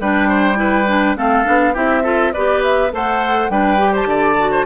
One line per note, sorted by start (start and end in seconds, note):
0.00 1.16 G3
0.00 0.54 D4
0.00 0.28 B4
0.00 1.17 G5
0.28 0.58 C5
0.54 0.84 E4
0.54 1.17 B4
0.87 1.16 D4
1.16 1.45 A3
1.16 1.44 C4
1.16 1.73 A4
1.16 1.75 F5
1.44 1.76 B3
1.44 1.73 D4
1.73 2.34 C4
1.73 2.03 E4
1.73 2.03 G4
1.73 2.33 E5
2.03 2.33 F4
2.03 2.32 A4
2.33 2.93 B3
2.33 2.91 G4
2.33 2.92 B4
2.33 2.62 D5
2.63 2.92 E5
2.91 3.49 A3
2.91 3.49 A4
2.91 3.51 C5
2.91 3.50 F#5
3.49 4.05 G3
3.49 3.77 D4
3.49 3.92 B4
3.49 3.94 G5
3.77 4.36 G4
3.92 4.07 C5
3.92 4.66 A5
4.05 4.63 D3
4.05 4.51 D5
4.38 4.66 F#4
4.51 4.66 C5